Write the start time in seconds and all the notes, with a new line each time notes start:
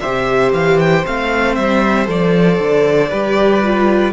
0.00 C3 G4 C5 E5
0.52 E3 F5
0.79 G5
1.06 A3 C4 F5
1.55 G3 E5
2.05 F3 A4 D5
2.59 D3
3.09 G3 G4 B4
3.63 F4